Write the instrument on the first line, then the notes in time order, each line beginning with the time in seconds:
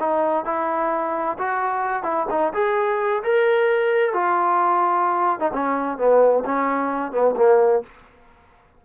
trombone
0.00 D#4
0.45 E4
1.39 F#4
2.03 E4
2.31 D#4
2.54 G#4
3.24 A#4
4.14 F4
5.40 D#4
5.53 C#4
5.98 B3
6.45 C#4
7.12 B3
7.37 A#3